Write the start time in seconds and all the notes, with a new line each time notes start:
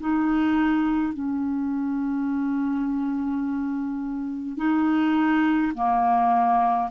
0.00 D#4
1.14 C#4
4.57 D#4
5.74 A#3